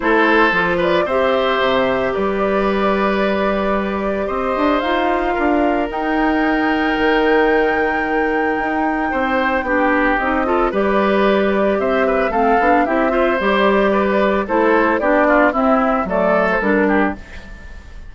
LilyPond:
<<
  \new Staff \with { instrumentName = "flute" } { \time 4/4 \tempo 4 = 112 c''4. d''8 e''2 | d''1 | dis''4 f''2 g''4~ | g''1~ |
g''2. dis''4 | d''2 e''4 f''4 | e''4 d''2 c''4 | d''4 e''4 d''8. c''16 ais'4 | }
  \new Staff \with { instrumentName = "oboe" } { \time 4/4 a'4. b'8 c''2 | b'1 | c''2 ais'2~ | ais'1~ |
ais'4 c''4 g'4. a'8 | b'2 c''8 b'8 a'4 | g'8 c''4. b'4 a'4 | g'8 f'8 e'4 a'4. g'8 | }
  \new Staff \with { instrumentName = "clarinet" } { \time 4/4 e'4 f'4 g'2~ | g'1~ | g'4 f'2 dis'4~ | dis'1~ |
dis'2 d'4 dis'8 f'8 | g'2. c'8 d'8 | e'8 f'8 g'2 e'4 | d'4 c'4 a4 d'4 | }
  \new Staff \with { instrumentName = "bassoon" } { \time 4/4 a4 f4 c'4 c4 | g1 | c'8 d'8 dis'4 d'4 dis'4~ | dis'4 dis2. |
dis'4 c'4 b4 c'4 | g2 c'4 a8 b8 | c'4 g2 a4 | b4 c'4 fis4 g4 | }
>>